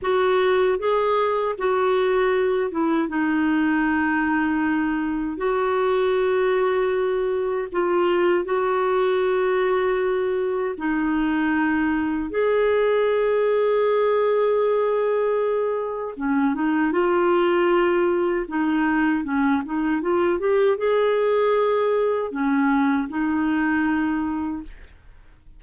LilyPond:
\new Staff \with { instrumentName = "clarinet" } { \time 4/4 \tempo 4 = 78 fis'4 gis'4 fis'4. e'8 | dis'2. fis'4~ | fis'2 f'4 fis'4~ | fis'2 dis'2 |
gis'1~ | gis'4 cis'8 dis'8 f'2 | dis'4 cis'8 dis'8 f'8 g'8 gis'4~ | gis'4 cis'4 dis'2 | }